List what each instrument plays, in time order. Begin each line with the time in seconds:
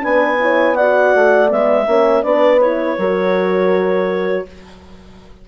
0.00 bassoon B3, horn D4 B4, clarinet G#5
0.39 horn E4 C#5
0.75 horn F#4 D5, clarinet F#5
1.15 bassoon A3
1.48 bassoon G#3, horn B3, clarinet E5
1.87 bassoon A#3, horn C#4 C#5
2.23 bassoon B3, horn D4 B4, clarinet D5
2.60 horn E4, clarinet C#5
2.98 bassoon F#3, horn F#4 A#4